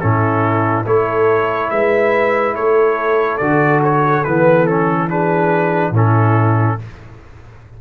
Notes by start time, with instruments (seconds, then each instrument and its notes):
0.00 tuba A2, trombone C#4, horn E4, trumpet A4
0.86 tuba A3, trombone E4, horn A4, trumpet C#5
1.70 tuba G#3, horn B4, trumpet E5
2.55 tuba A3, horn A4, trumpet C#5
3.37 tuba D3, trombone F#4, trumpet D5
3.84 trumpet C#5
4.24 tuba E3, trombone B3, trumpet B4
4.66 trombone C#4, trumpet A4
5.09 trombone D4, horn G#4, trumpet B4
5.91 tuba A2, trombone C#4, horn E4, trumpet A4